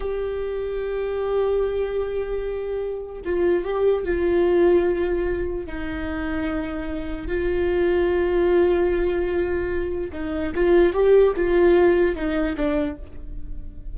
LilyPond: \new Staff \with { instrumentName = "viola" } { \time 4/4 \tempo 4 = 148 g'1~ | g'1 | f'4 g'4 f'2~ | f'2 dis'2~ |
dis'2 f'2~ | f'1~ | f'4 dis'4 f'4 g'4 | f'2 dis'4 d'4 | }